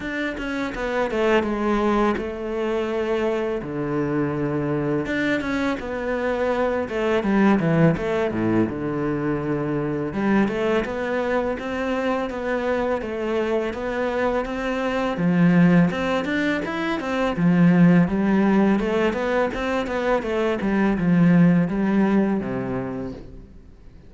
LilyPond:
\new Staff \with { instrumentName = "cello" } { \time 4/4 \tempo 4 = 83 d'8 cis'8 b8 a8 gis4 a4~ | a4 d2 d'8 cis'8 | b4. a8 g8 e8 a8 a,8 | d2 g8 a8 b4 |
c'4 b4 a4 b4 | c'4 f4 c'8 d'8 e'8 c'8 | f4 g4 a8 b8 c'8 b8 | a8 g8 f4 g4 c4 | }